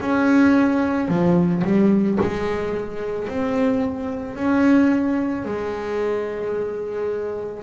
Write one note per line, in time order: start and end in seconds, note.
0.00 1.08 C#4
1.08 1.63 F3
1.64 2.18 G3
2.21 3.28 G#3
3.28 4.35 C4
4.35 5.44 C#4
5.44 7.63 G#3